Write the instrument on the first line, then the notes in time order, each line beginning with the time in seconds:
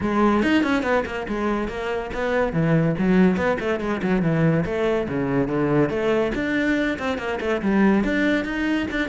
cello
0.01 G#3
0.42 D#4
0.63 C#4
0.82 B3
1.05 A#3
1.28 G#3
1.68 A#3
2.13 B3
2.53 E3
2.98 F#3
3.36 B3
3.59 A3
3.80 G#3
4.02 F#3
4.22 E3
4.65 A3
5.08 C#3
5.48 D3
5.89 A3
6.34 D4
6.98 C4
7.18 A#3
7.40 A3
7.62 G3
8.04 D4
8.44 D#4
8.90 D4